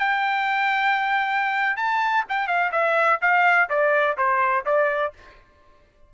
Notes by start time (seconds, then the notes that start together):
0.00 G5
1.77 A5
2.29 G5
2.48 F5
2.72 E5
3.22 F5
3.70 D5
4.18 C5
4.66 D5